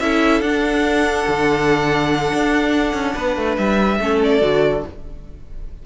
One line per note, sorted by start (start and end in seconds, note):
0.00 0.41 C#4
0.00 0.43 E4
0.00 3.15 A4
0.00 0.41 E5
0.41 1.25 D4
0.41 4.00 D4
0.41 3.56 F#5
1.28 2.33 D3
2.34 2.94 D4
2.94 3.15 C#4
3.15 3.37 B3
3.15 3.99 B4
3.37 3.58 A3
3.58 4.00 G3
3.58 4.21 E5
4.00 4.42 A3
4.00 4.41 C#4
4.00 4.86 A4
4.23 4.86 D5
4.41 4.84 D3
4.41 4.83 F#4